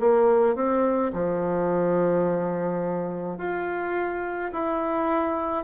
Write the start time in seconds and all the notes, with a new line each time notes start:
0.00 A#3
0.56 C4
1.13 F3
3.38 F4
4.53 E4